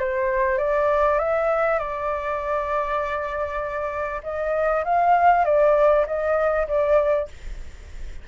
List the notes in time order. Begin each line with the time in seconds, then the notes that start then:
0.00 C5
0.58 D5
1.19 E5
1.79 D5
4.23 D#5
4.85 F5
5.45 D5
6.07 D#5
6.67 D5